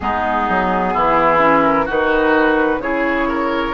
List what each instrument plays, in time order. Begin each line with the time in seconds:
0.00 bassoon G#3, clarinet B3, oboe D#4, flute G#4
0.48 bassoon F#3
0.93 bassoon E3, oboe E4
1.38 clarinet C#4
1.63 flute A#4
1.85 bassoon D#3, clarinet D#4, oboe F#4, flute B4
2.78 bassoon C#3, clarinet E4, oboe G#4, flute C#5
3.28 oboe A#4